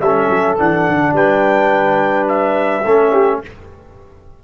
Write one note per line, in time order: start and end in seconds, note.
0.00 0.28 G3
0.00 0.57 C#4
0.00 1.15 A4
0.00 0.57 E5
0.30 0.58 F#3
0.57 0.89 E3
0.57 2.84 D4
0.57 1.16 F#5
0.89 1.13 D3
1.13 2.83 G3
1.13 2.85 B4
1.13 2.28 G5
2.28 3.41 E5
2.85 3.42 A3
2.85 3.44 C#4
2.85 3.12 A4
3.12 3.41 G4